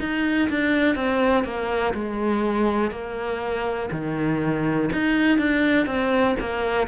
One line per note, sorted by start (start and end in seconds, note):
0.00 0.49 D#4
0.50 0.96 D4
0.96 1.44 C4
1.44 1.94 A#3
1.94 2.91 G#3
2.91 3.89 A#3
3.92 4.90 D#3
4.93 5.38 D#4
5.38 5.86 D4
5.86 6.35 C4
6.40 6.88 A#3